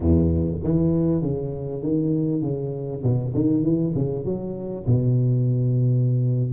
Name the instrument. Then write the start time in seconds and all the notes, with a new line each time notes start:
tuba
0.00 E2
0.63 E3
1.21 C#3
1.82 D#3
2.42 C#3
3.03 B2
3.34 D#3
3.63 E3
3.94 C#3
4.25 F#3
4.86 B2